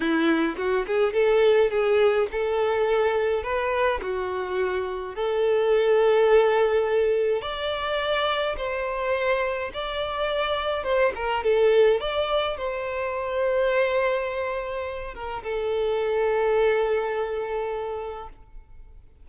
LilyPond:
\new Staff \with { instrumentName = "violin" } { \time 4/4 \tempo 4 = 105 e'4 fis'8 gis'8 a'4 gis'4 | a'2 b'4 fis'4~ | fis'4 a'2.~ | a'4 d''2 c''4~ |
c''4 d''2 c''8 ais'8 | a'4 d''4 c''2~ | c''2~ c''8 ais'8 a'4~ | a'1 | }